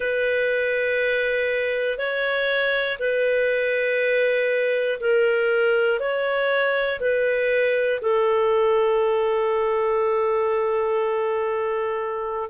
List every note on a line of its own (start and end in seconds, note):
0.00 1.97 B4
1.97 2.97 C#5
2.99 4.99 B4
5.00 6.00 A#4
6.00 7.00 C#5
7.00 8.00 B4
8.00 12.49 A4